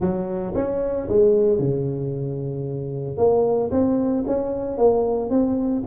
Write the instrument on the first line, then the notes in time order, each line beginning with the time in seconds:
tuba
0.00 F#3
0.55 C#4
1.08 G#3
1.58 C#3
3.17 A#3
3.71 C4
4.26 C#4
4.77 A#3
5.30 C4